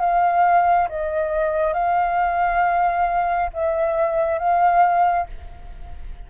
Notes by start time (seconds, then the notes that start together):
0.00 F5
0.89 D#5
1.74 F5
3.53 E5
4.39 F5